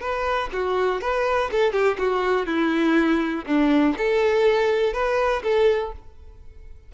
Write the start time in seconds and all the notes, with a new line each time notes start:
0.00 B4
0.53 F#4
1.01 B4
1.51 A4
1.72 G4
1.98 F#4
2.46 E4
3.46 D4
3.97 A4
4.93 B4
5.43 A4